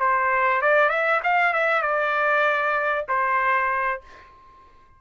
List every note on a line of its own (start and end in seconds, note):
0.00 0.62 C5
0.62 0.90 D5
0.90 1.21 E5
1.24 1.53 F5
1.53 1.82 E5
1.82 3.06 D5
3.09 4.01 C5